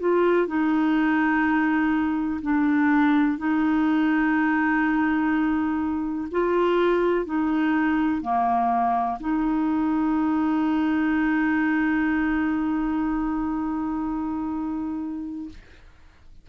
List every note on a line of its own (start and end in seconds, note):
0.00 0.48 F4
0.48 2.41 D#4
2.42 3.38 D4
3.38 6.28 D#4
6.32 7.26 F4
7.26 8.22 D#4
8.22 9.18 A#3
9.20 15.49 D#4